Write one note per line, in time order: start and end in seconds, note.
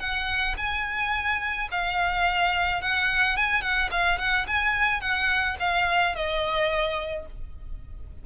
0.00 0.56 F#5
0.58 1.69 G#5
1.71 2.82 F5
2.82 3.37 F#5
3.37 3.62 G#5
3.62 3.90 F#5
3.92 4.19 F5
4.19 4.46 F#5
4.47 5.01 G#5
5.01 5.57 F#5
5.60 6.15 F5
6.15 7.27 D#5